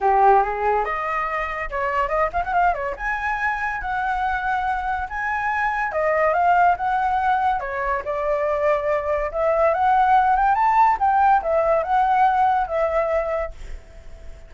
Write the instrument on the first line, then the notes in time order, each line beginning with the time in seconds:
flute
0.00 G4
0.42 G#4
0.85 D#5
1.70 C#5
2.08 D#5
2.32 F5
2.44 F#5
2.53 F5
2.74 C#5
2.96 G#5
3.81 F#5
5.09 G#5
5.92 D#5
6.33 F5
6.77 F#5
7.60 C#5
8.04 D5
9.31 E5
9.73 F#5
10.35 G5
10.55 A5
10.99 G5
11.42 E5
11.83 F#5
12.67 E5